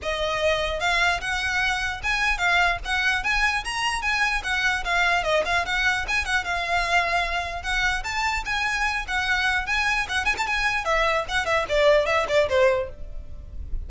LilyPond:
\new Staff \with { instrumentName = "violin" } { \time 4/4 \tempo 4 = 149 dis''2 f''4 fis''4~ | fis''4 gis''4 f''4 fis''4 | gis''4 ais''4 gis''4 fis''4 | f''4 dis''8 f''8 fis''4 gis''8 fis''8 |
f''2. fis''4 | a''4 gis''4. fis''4. | gis''4 fis''8 gis''16 a''16 gis''4 e''4 | fis''8 e''8 d''4 e''8 d''8 c''4 | }